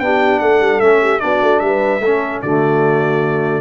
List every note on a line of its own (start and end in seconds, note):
0.00 0.40 B3
0.00 0.82 D4
0.00 0.42 G4
0.00 0.40 G5
0.40 0.61 A3
0.40 1.02 A4
0.40 0.80 F#5
0.61 0.81 G3
0.80 1.21 A3
0.80 1.20 C#4
0.80 1.20 E5
1.02 1.22 G4
1.20 1.42 B3
1.20 2.01 D4
1.20 1.64 F#4
1.20 1.60 D5
1.42 1.61 A3
1.60 2.00 G3
1.60 2.04 B4
1.60 2.40 E5
2.00 2.41 A3
2.00 2.42 A4
2.06 2.46 C#4
2.42 3.62 D3
2.42 3.62 A3
2.42 3.62 F#4
2.42 3.62 D5